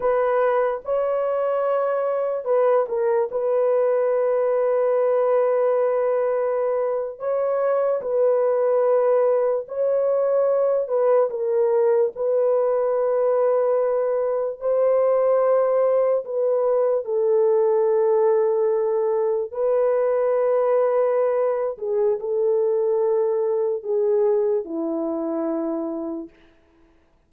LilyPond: \new Staff \with { instrumentName = "horn" } { \time 4/4 \tempo 4 = 73 b'4 cis''2 b'8 ais'8 | b'1~ | b'8. cis''4 b'2 cis''16~ | cis''4~ cis''16 b'8 ais'4 b'4~ b'16~ |
b'4.~ b'16 c''2 b'16~ | b'8. a'2. b'16~ | b'2~ b'8 gis'8 a'4~ | a'4 gis'4 e'2 | }